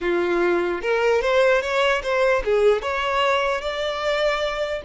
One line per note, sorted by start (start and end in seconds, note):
0.01 0.81 F4
0.81 1.21 A#4
1.21 1.61 C5
1.61 2.01 C#5
2.02 2.43 C5
2.45 2.82 G#4
2.82 3.61 C#5
3.61 4.81 D5